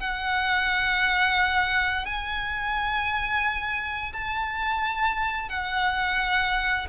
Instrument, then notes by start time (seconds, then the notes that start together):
violin
0.00 F#5
2.06 G#5
4.13 A5
5.49 F#5